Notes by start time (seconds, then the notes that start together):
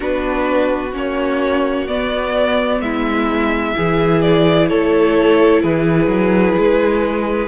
0.00 B3 D4 F#4 B4
0.93 A#3 C#4 C#5
1.87 B3 D5
2.80 G#3 E4 E5
3.73 E3 E4 G#4
4.21 D5
4.68 A3 A4 C#5
5.61 E3 G#4 B4
6.06 F#3
6.57 G#3